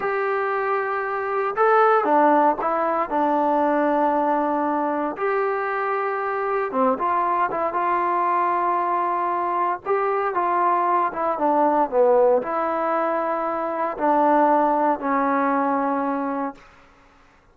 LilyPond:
\new Staff \with { instrumentName = "trombone" } { \time 4/4 \tempo 4 = 116 g'2. a'4 | d'4 e'4 d'2~ | d'2 g'2~ | g'4 c'8 f'4 e'8 f'4~ |
f'2. g'4 | f'4. e'8 d'4 b4 | e'2. d'4~ | d'4 cis'2. | }